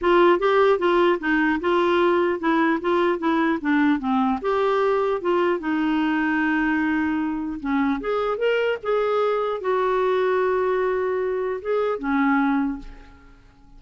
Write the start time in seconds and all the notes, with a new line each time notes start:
0.01 F4
0.39 G4
0.79 F4
1.19 D#4
1.60 F4
2.39 E4
2.80 F4
3.18 E4
3.61 D4
3.99 C4
4.41 G4
5.21 F4
5.59 D#4
7.59 C#4
8.00 G#4
8.37 A#4
8.82 G#4
9.60 F#4
11.61 G#4
11.99 C#4